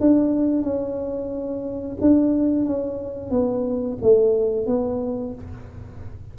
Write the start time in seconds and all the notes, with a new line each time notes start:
0.00 D4
0.62 C#4
2.00 D4
2.65 C#4
3.30 B3
4.02 A3
4.66 B3